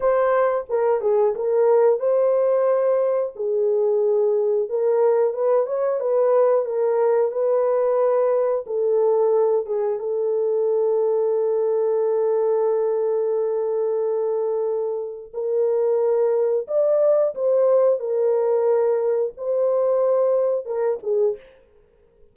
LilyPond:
\new Staff \with { instrumentName = "horn" } { \time 4/4 \tempo 4 = 90 c''4 ais'8 gis'8 ais'4 c''4~ | c''4 gis'2 ais'4 | b'8 cis''8 b'4 ais'4 b'4~ | b'4 a'4. gis'8 a'4~ |
a'1~ | a'2. ais'4~ | ais'4 d''4 c''4 ais'4~ | ais'4 c''2 ais'8 gis'8 | }